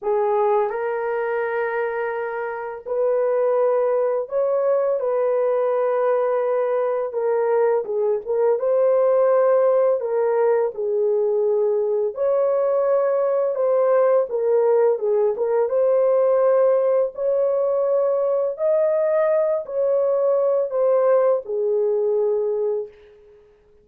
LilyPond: \new Staff \with { instrumentName = "horn" } { \time 4/4 \tempo 4 = 84 gis'4 ais'2. | b'2 cis''4 b'4~ | b'2 ais'4 gis'8 ais'8 | c''2 ais'4 gis'4~ |
gis'4 cis''2 c''4 | ais'4 gis'8 ais'8 c''2 | cis''2 dis''4. cis''8~ | cis''4 c''4 gis'2 | }